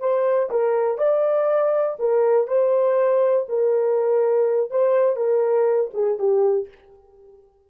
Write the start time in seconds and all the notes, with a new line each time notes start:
0.00 C5
0.50 A#4
0.98 D5
1.99 A#4
2.47 C5
3.49 A#4
4.71 C5
5.16 A#4
5.94 G#4
6.19 G4